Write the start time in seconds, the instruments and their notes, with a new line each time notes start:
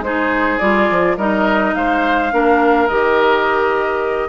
0.00 bassoon G#3, clarinet D#4, oboe G#4, flute C5
0.59 bassoon G3, clarinet F4, flute D5
0.90 bassoon F3
1.17 bassoon G3, clarinet D#4, oboe A#4, flute D#5
1.74 bassoon G#3, oboe C5, flute F5
2.31 bassoon A#3, clarinet D4, oboe A#4
2.87 bassoon D#3, clarinet G4, flute D#5